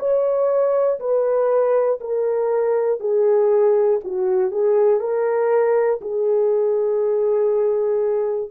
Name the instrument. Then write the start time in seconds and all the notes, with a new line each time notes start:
horn
0.00 C#5
1.00 B4
2.01 A#4
3.00 G#4
4.05 F#4
4.51 G#4
5.00 A#4
6.02 G#4